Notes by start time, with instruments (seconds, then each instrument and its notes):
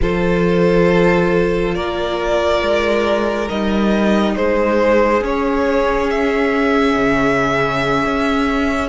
0.01 cello F3, viola F4, violin A4 C5
1.74 cello A#3, violin A#4 D5
2.62 cello G#3
3.47 cello G3, viola D#4, violin D#5
4.36 cello G#3, violin G#4 C5
5.21 viola C#4, cello C#4, violin C#5
6.09 violin E5
6.96 cello C#3
8.05 cello C#4